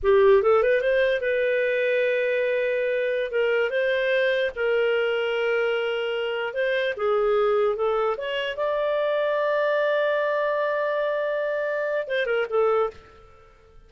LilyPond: \new Staff \with { instrumentName = "clarinet" } { \time 4/4 \tempo 4 = 149 g'4 a'8 b'8 c''4 b'4~ | b'1~ | b'16 ais'4 c''2 ais'8.~ | ais'1~ |
ais'16 c''4 gis'2 a'8.~ | a'16 cis''4 d''2~ d''8.~ | d''1~ | d''2 c''8 ais'8 a'4 | }